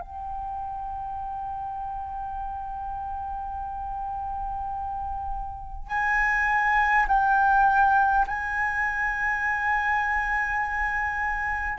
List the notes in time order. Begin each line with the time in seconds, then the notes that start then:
0.00 G5
5.88 G#5
7.08 G5
8.27 G#5